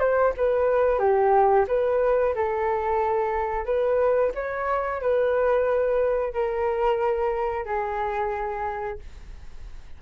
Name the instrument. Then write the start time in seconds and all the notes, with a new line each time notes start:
flute
0.00 C5
0.37 B4
0.99 G4
1.68 B4
2.35 A4
3.65 B4
4.35 C#5
5.02 B4
6.34 A#4
7.66 G#4